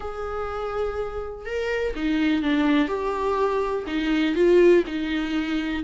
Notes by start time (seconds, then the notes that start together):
0.00 G#4
1.45 A#4
1.95 D#4
2.42 D4
2.87 G4
3.87 D#4
4.35 F4
4.86 D#4